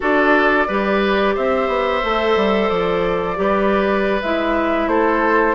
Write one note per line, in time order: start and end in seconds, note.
0.00 0.69 D4
0.00 0.67 F#4
0.00 0.67 A4
0.00 1.36 D5
0.67 1.36 G3
0.67 2.02 G4
0.67 1.35 B4
1.35 1.68 C4
1.35 3.37 C5
1.35 2.69 E5
1.68 2.01 B3
2.02 2.36 A3
2.02 3.36 A4
2.36 2.69 G3
2.69 3.37 F3
2.69 4.21 D5
3.36 4.22 G3
3.36 4.20 G4
3.36 4.88 B4
4.21 4.87 G#3
4.21 5.54 E4
4.21 4.88 E5
4.87 5.54 A3
4.87 5.54 A4
4.87 5.54 C5